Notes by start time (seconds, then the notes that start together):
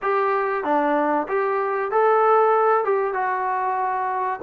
0.01 G4
0.64 D4
1.28 G4
1.91 A4
2.84 G4
3.13 F#4